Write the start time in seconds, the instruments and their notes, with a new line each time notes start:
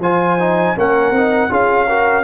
0.00 tuba F3, trombone F4, horn C5, trumpet G#5
0.40 trombone D#4
0.77 tuba A#3, trombone C#4, horn A#4, trumpet F#5
1.12 tuba C4, trombone D#4
1.50 tuba C#4, trombone F4, horn G#4, trumpet F5
1.89 trombone F#4, horn A#4